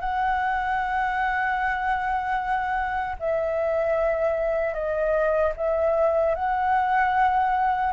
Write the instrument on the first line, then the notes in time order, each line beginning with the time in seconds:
flute
0.00 F#5
3.19 E5
4.74 D#5
5.57 E5
6.35 F#5